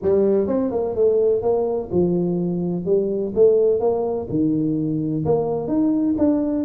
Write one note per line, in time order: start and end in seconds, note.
0.02 0.47 G3
0.47 0.71 C4
0.71 0.95 A#3
0.95 1.42 A3
1.42 1.89 A#3
1.91 2.85 F3
2.85 3.32 G3
3.34 3.80 A3
3.80 4.27 A#3
4.29 5.24 D#3
5.25 5.67 A#3
5.67 6.15 D#4
6.18 6.65 D4